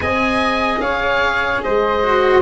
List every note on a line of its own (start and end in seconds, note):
0.00 0.79 C4
0.00 2.01 G#4
0.00 0.82 D#5
0.00 0.79 G#5
0.79 1.60 C#4
0.79 1.63 C#5
0.79 1.61 F5
1.63 2.41 G#3
1.63 2.41 C5
1.63 2.41 D#5
2.02 2.41 F#4